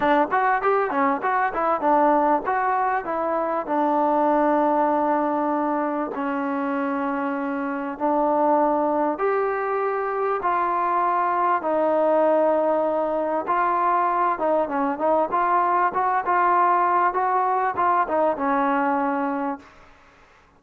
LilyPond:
\new Staff \with { instrumentName = "trombone" } { \time 4/4 \tempo 4 = 98 d'8 fis'8 g'8 cis'8 fis'8 e'8 d'4 | fis'4 e'4 d'2~ | d'2 cis'2~ | cis'4 d'2 g'4~ |
g'4 f'2 dis'4~ | dis'2 f'4. dis'8 | cis'8 dis'8 f'4 fis'8 f'4. | fis'4 f'8 dis'8 cis'2 | }